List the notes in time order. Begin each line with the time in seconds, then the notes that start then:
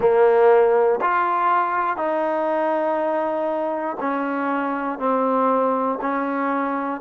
0.00 A#3
1.01 F4
1.96 D#4
4.00 C#4
4.99 C4
6.01 C#4